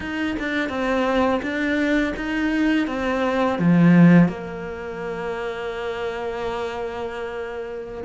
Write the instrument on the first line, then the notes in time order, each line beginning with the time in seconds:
cello
0.00 D#4
0.39 D4
0.69 C4
1.42 D4
2.16 D#4
2.87 C4
3.58 F3
4.28 A#3